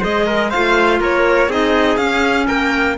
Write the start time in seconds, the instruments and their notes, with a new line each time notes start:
0.00 cello G#3, clarinet G#4, trumpet C5, violin D#5
0.26 trumpet A#4
0.50 cello A3, clarinet F4, trumpet C5, violin F5
1.00 cello A#3, trumpet A#4, violin C#5
1.48 cello C4, clarinet D#4, trumpet G#4, violin D#5
1.97 cello C#4, clarinet C#4, violin F5
2.47 cello A#3, trumpet A#4, violin G5